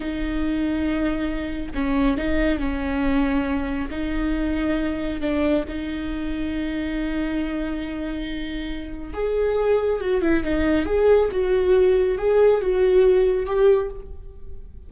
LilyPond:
\new Staff \with { instrumentName = "viola" } { \time 4/4 \tempo 4 = 138 dis'1 | cis'4 dis'4 cis'2~ | cis'4 dis'2. | d'4 dis'2.~ |
dis'1~ | dis'4 gis'2 fis'8 e'8 | dis'4 gis'4 fis'2 | gis'4 fis'2 g'4 | }